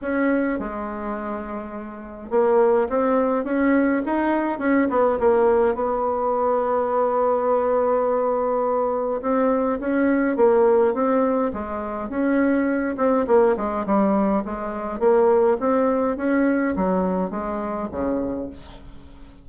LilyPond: \new Staff \with { instrumentName = "bassoon" } { \time 4/4 \tempo 4 = 104 cis'4 gis2. | ais4 c'4 cis'4 dis'4 | cis'8 b8 ais4 b2~ | b1 |
c'4 cis'4 ais4 c'4 | gis4 cis'4. c'8 ais8 gis8 | g4 gis4 ais4 c'4 | cis'4 fis4 gis4 cis4 | }